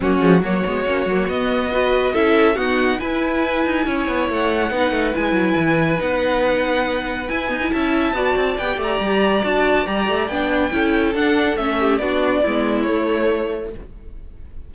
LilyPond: <<
  \new Staff \with { instrumentName = "violin" } { \time 4/4 \tempo 4 = 140 fis'4 cis''2 dis''4~ | dis''4 e''4 fis''4 gis''4~ | gis''2 fis''2 | gis''2 fis''2~ |
fis''4 gis''4 a''2 | g''8 ais''4. a''4 ais''4 | g''2 fis''4 e''4 | d''2 cis''2 | }
  \new Staff \with { instrumentName = "violin" } { \time 4/4 cis'4 fis'2. | b'4 a'4 fis'4 b'4~ | b'4 cis''2 b'4~ | b'1~ |
b'2 e''4 d''4~ | d''1~ | d''4 a'2~ a'8 g'8 | fis'4 e'2. | }
  \new Staff \with { instrumentName = "viola" } { \time 4/4 ais8 gis8 ais8 b8 cis'8 ais8 b4 | fis'4 e'4 b4 e'4~ | e'2. dis'4 | e'2 dis'2~ |
dis'4 e'8 b16 e'4~ e'16 fis'4 | g'2 fis'4 g'4 | d'4 e'4 d'4 cis'4 | d'4 b4 a2 | }
  \new Staff \with { instrumentName = "cello" } { \time 4/4 fis8 f8 fis8 gis8 ais8 fis8 b4~ | b4 cis'4 dis'4 e'4~ | e'8 dis'8 cis'8 b8 a4 b8 a8 | gis8 fis8 e4 b2~ |
b4 e'8 dis'8 cis'4 b8 c'8 | b8 a8 g4 d'4 g8 a8 | b4 cis'4 d'4 a4 | b4 gis4 a2 | }
>>